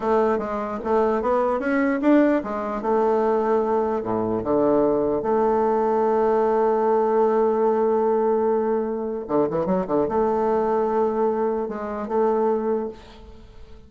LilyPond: \new Staff \with { instrumentName = "bassoon" } { \time 4/4 \tempo 4 = 149 a4 gis4 a4 b4 | cis'4 d'4 gis4 a4~ | a2 a,4 d4~ | d4 a2.~ |
a1~ | a2. d8 e8 | fis8 d8 a2.~ | a4 gis4 a2 | }